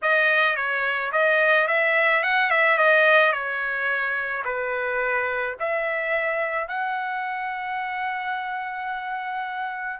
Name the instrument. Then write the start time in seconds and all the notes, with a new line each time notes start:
trumpet
0.02 D#5
0.56 C#5
1.12 D#5
1.67 E5
2.23 F#5
2.50 E5
2.78 D#5
3.32 C#5
4.44 B4
5.59 E5
6.67 F#5